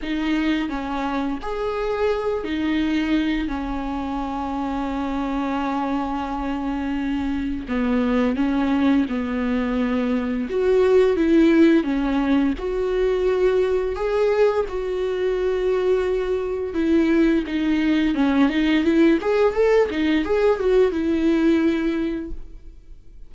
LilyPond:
\new Staff \with { instrumentName = "viola" } { \time 4/4 \tempo 4 = 86 dis'4 cis'4 gis'4. dis'8~ | dis'4 cis'2.~ | cis'2. b4 | cis'4 b2 fis'4 |
e'4 cis'4 fis'2 | gis'4 fis'2. | e'4 dis'4 cis'8 dis'8 e'8 gis'8 | a'8 dis'8 gis'8 fis'8 e'2 | }